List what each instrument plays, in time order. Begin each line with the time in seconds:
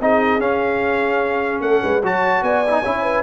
0.00 tuba C4, trombone D#4, horn G#4, trumpet D#5
0.39 tuba C#4, trombone C#4, trumpet F5
1.60 tuba A3, horn A4, trumpet F#5
1.82 tuba G#3, horn B4
2.02 tuba F#3, trombone F#4, horn C#5, trumpet A5
2.42 tuba B3, horn D5, trumpet G#5
2.67 trombone D#4 E4
2.82 tuba C#4, trombone E4, horn C#5
3.02 horn B4